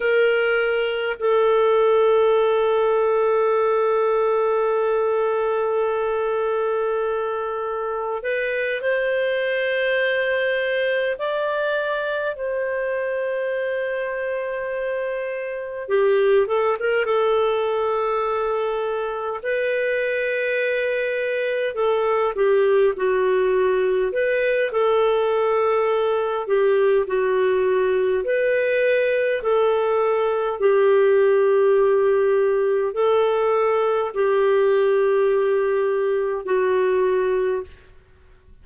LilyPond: \new Staff \with { instrumentName = "clarinet" } { \time 4/4 \tempo 4 = 51 ais'4 a'2.~ | a'2. b'8 c''8~ | c''4. d''4 c''4.~ | c''4. g'8 a'16 ais'16 a'4.~ |
a'8 b'2 a'8 g'8 fis'8~ | fis'8 b'8 a'4. g'8 fis'4 | b'4 a'4 g'2 | a'4 g'2 fis'4 | }